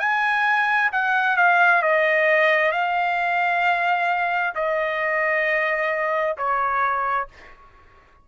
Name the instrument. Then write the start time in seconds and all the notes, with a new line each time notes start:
trumpet
0.00 G#5
0.93 F#5
1.37 F5
1.83 D#5
2.72 F5
4.55 D#5
6.38 C#5